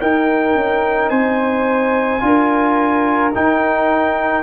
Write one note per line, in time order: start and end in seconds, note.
0.00 2.20 D#4
0.00 0.54 D#4
0.00 1.10 A#4
0.00 1.09 G5
0.54 1.09 C#4
1.09 2.21 C4
1.09 2.21 C5
1.09 3.31 G#5
2.20 3.33 D4
2.20 3.31 F4
2.20 4.43 A#4
3.34 4.43 D#4
3.34 4.43 G5